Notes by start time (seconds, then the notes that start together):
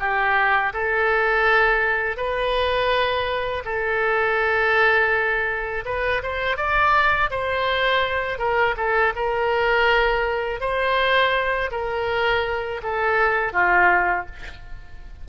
0.00 G4
0.74 A4
2.17 B4
3.65 A4
5.86 B4
6.23 C5
6.57 D5
7.31 C5
8.39 A#4
8.77 A4
9.16 A#4
10.61 C5
11.72 A#4
12.83 A4
13.53 F4